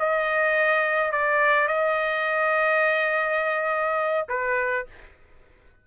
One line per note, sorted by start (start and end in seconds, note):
0.00 1.12 D#5
1.12 1.68 D5
1.68 4.28 D#5
4.29 4.87 B4